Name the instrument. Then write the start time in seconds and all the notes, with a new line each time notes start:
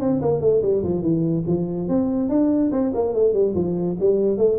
tuba
0.00 C4
0.21 A#3
0.41 A3
0.62 G3
0.83 F3
1.02 E3
1.46 F3
1.88 C4
2.29 D4
2.71 C4
2.94 A#3
3.14 A3
3.33 G3
3.55 F3
4.00 G3
4.37 A3